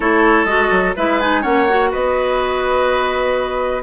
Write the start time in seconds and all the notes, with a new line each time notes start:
0.00 A3 E4 A4 C#5
0.44 G#3 F#4 D#5
0.70 F#3
0.96 G#3 E4 B4 E5
1.20 D#4 G#5
1.41 A#3 C#4 C#5 F#5
1.69 F#4
1.91 B3 B4 D#5